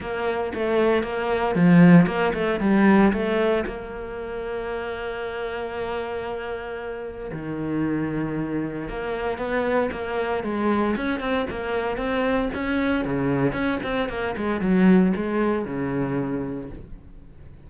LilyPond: \new Staff \with { instrumentName = "cello" } { \time 4/4 \tempo 4 = 115 ais4 a4 ais4 f4 | ais8 a8 g4 a4 ais4~ | ais1~ | ais2 dis2~ |
dis4 ais4 b4 ais4 | gis4 cis'8 c'8 ais4 c'4 | cis'4 cis4 cis'8 c'8 ais8 gis8 | fis4 gis4 cis2 | }